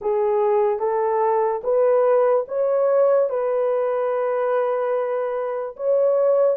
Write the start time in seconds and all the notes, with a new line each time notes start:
0.01 G#4
0.79 A4
1.63 B4
2.47 C#5
3.29 B4
5.76 C#5